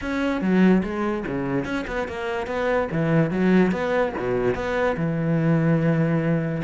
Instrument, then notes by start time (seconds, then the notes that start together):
cello
0.01 C#4
0.41 F#3
0.83 G#3
1.26 C#3
1.64 C#4
1.87 B3
2.07 A#3
2.46 B3
2.91 E3
3.30 F#3
3.71 B3
4.18 B2
4.54 B3
4.96 E3